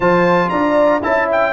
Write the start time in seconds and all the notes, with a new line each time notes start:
0.00 F3 F4 C5 A5
0.49 D4 D5 A#5
1.02 C#4 E4 E5 A5
1.31 G5